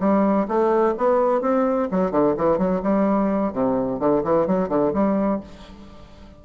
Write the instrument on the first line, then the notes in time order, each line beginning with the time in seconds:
bassoon
0.00 G3
0.48 A3
0.98 B3
1.41 C4
1.91 F#3
2.12 D3
2.37 E3
2.58 F#3
2.83 G3
3.53 C3
4.00 D3
4.24 E3
4.47 F#3
4.69 D3
4.94 G3